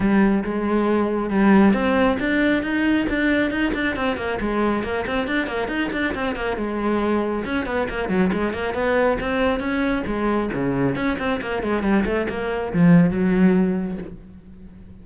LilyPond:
\new Staff \with { instrumentName = "cello" } { \time 4/4 \tempo 4 = 137 g4 gis2 g4 | c'4 d'4 dis'4 d'4 | dis'8 d'8 c'8 ais8 gis4 ais8 c'8 | d'8 ais8 dis'8 d'8 c'8 ais8 gis4~ |
gis4 cis'8 b8 ais8 fis8 gis8 ais8 | b4 c'4 cis'4 gis4 | cis4 cis'8 c'8 ais8 gis8 g8 a8 | ais4 f4 fis2 | }